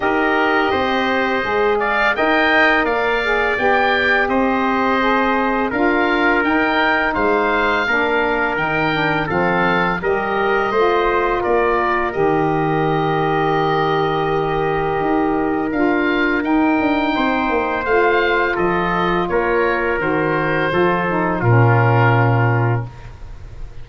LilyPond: <<
  \new Staff \with { instrumentName = "oboe" } { \time 4/4 \tempo 4 = 84 dis''2~ dis''8 f''8 g''4 | f''4 g''4 dis''2 | f''4 g''4 f''2 | g''4 f''4 dis''2 |
d''4 dis''2.~ | dis''2 f''4 g''4~ | g''4 f''4 dis''4 cis''4 | c''2 ais'2 | }
  \new Staff \with { instrumentName = "trumpet" } { \time 4/4 ais'4 c''4. d''8 dis''4 | d''2 c''2 | ais'2 c''4 ais'4~ | ais'4 a'4 ais'4 c''4 |
ais'1~ | ais'1 | c''2 a'4 ais'4~ | ais'4 a'4 f'2 | }
  \new Staff \with { instrumentName = "saxophone" } { \time 4/4 g'2 gis'4 ais'4~ | ais'8 gis'8 g'2 gis'4 | f'4 dis'2 d'4 | dis'8 d'8 c'4 g'4 f'4~ |
f'4 g'2.~ | g'2 f'4 dis'4~ | dis'4 f'2. | fis'4 f'8 dis'8 cis'2 | }
  \new Staff \with { instrumentName = "tuba" } { \time 4/4 dis'4 c'4 gis4 dis'4 | ais4 b4 c'2 | d'4 dis'4 gis4 ais4 | dis4 f4 g4 a4 |
ais4 dis2.~ | dis4 dis'4 d'4 dis'8 d'8 | c'8 ais8 a4 f4 ais4 | dis4 f4 ais,2 | }
>>